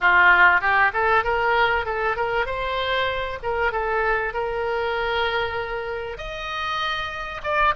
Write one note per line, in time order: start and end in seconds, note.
0.00 0.60 F4
0.60 0.91 G4
0.93 1.23 A4
1.23 1.85 A#4
1.85 2.16 A4
2.16 2.46 A#4
2.46 3.39 C5
3.42 3.71 A#4
3.71 4.33 A4
4.33 6.17 A#4
6.17 7.41 D#5
7.43 7.74 D5